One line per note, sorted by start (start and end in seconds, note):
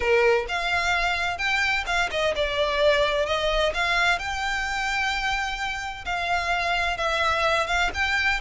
0.00 0.45 A#4
0.48 1.37 F5
1.37 1.84 G5
1.86 2.09 F5
2.11 2.34 D#5
2.35 3.26 D5
3.26 3.72 D#5
3.73 4.19 F5
4.19 6.05 G5
6.05 6.97 F5
6.97 7.67 E5
7.67 7.90 F5
7.93 8.40 G5